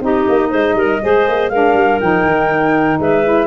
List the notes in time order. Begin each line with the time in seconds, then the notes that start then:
0.00 C4 D#4 G4 D#5
0.28 A#3
0.49 G#3 C5
0.74 G3 A#4
1.01 G#3 G#4 C5
1.27 A#3
1.49 G#3 D4 A#4 F5
1.73 G3
2.00 F3 D#4 G5
2.24 D#3
2.99 G#3 B4 E5
3.24 E4